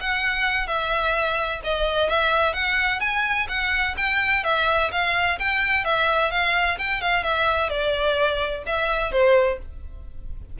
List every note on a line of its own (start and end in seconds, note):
0.00 0.67 F#5
0.67 1.60 E5
1.64 2.09 D#5
2.09 2.53 E5
2.53 3.00 F#5
3.00 3.47 G#5
3.49 3.95 F#5
3.97 4.44 G5
4.44 4.90 E5
4.92 5.39 F5
5.39 5.84 G5
5.84 6.31 E5
6.31 6.78 F5
6.78 7.01 G5
7.01 7.23 F5
7.23 7.69 E5
7.69 8.63 D5
8.66 9.12 E5
9.12 9.58 C5